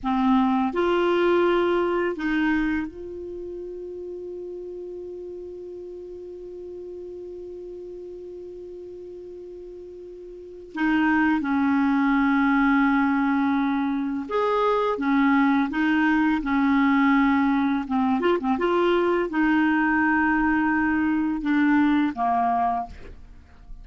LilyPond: \new Staff \with { instrumentName = "clarinet" } { \time 4/4 \tempo 4 = 84 c'4 f'2 dis'4 | f'1~ | f'1~ | f'2. dis'4 |
cis'1 | gis'4 cis'4 dis'4 cis'4~ | cis'4 c'8 f'16 c'16 f'4 dis'4~ | dis'2 d'4 ais4 | }